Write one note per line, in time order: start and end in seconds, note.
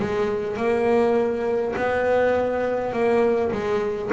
0.00 0.57 G#3
0.57 1.75 A#3
1.76 2.93 B3
2.93 3.52 A#3
3.52 4.11 G#3